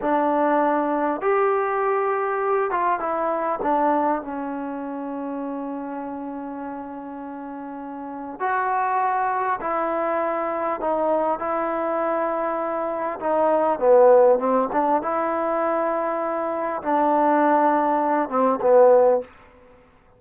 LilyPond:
\new Staff \with { instrumentName = "trombone" } { \time 4/4 \tempo 4 = 100 d'2 g'2~ | g'8 f'8 e'4 d'4 cis'4~ | cis'1~ | cis'2 fis'2 |
e'2 dis'4 e'4~ | e'2 dis'4 b4 | c'8 d'8 e'2. | d'2~ d'8 c'8 b4 | }